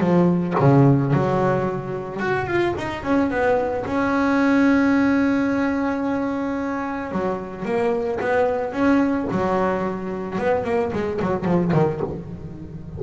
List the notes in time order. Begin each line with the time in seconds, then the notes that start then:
0.00 F3
0.60 C#3
1.13 F#3
2.20 F#4
2.47 F4
2.77 D#4
3.03 C#4
3.30 B3
3.86 C#4
7.12 F#3
7.65 A#3
8.20 B3
8.72 C#4
9.31 F#3
10.39 B3
10.64 A#3
10.93 G#3
11.22 F#3
11.45 F3
11.73 D#3